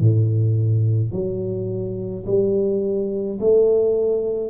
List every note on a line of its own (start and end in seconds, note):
0.00 1.12 A2
1.12 2.25 F#3
2.26 3.39 G3
3.40 4.50 A3